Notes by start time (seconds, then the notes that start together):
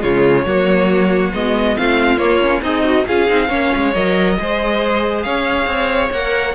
0.00 C#3 G#3 F4 C#5
0.46 F#3 A#3 F#4
1.33 G#3 B3 D#5
1.77 A3 C4 F4 F5
2.17 A#3 C#5
2.42 C#4
2.62 C4 D#4 G#4 D#5
2.84 F#4
3.07 C#4 F4 G#4 F5
3.28 C4 D#4
3.48 A#3 C#4 C#5
3.76 G#3
3.94 F#3 A#4 D#5
4.39 G#3 G#4 C5
5.22 C#4 C#5 F5
5.67 C4
6.11 A#3 A#4 F#5